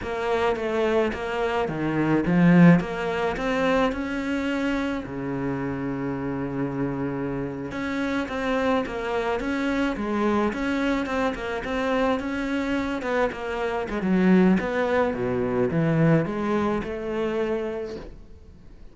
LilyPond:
\new Staff \with { instrumentName = "cello" } { \time 4/4 \tempo 4 = 107 ais4 a4 ais4 dis4 | f4 ais4 c'4 cis'4~ | cis'4 cis2.~ | cis4.~ cis16 cis'4 c'4 ais16~ |
ais8. cis'4 gis4 cis'4 c'16~ | c'16 ais8 c'4 cis'4. b8 ais16~ | ais8. gis16 fis4 b4 b,4 | e4 gis4 a2 | }